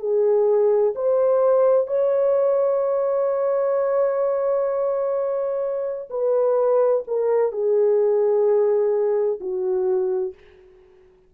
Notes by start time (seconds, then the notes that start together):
0.00 G#4
0.95 C5
1.87 C#5
6.10 B4
7.07 A#4
7.52 G#4
9.40 F#4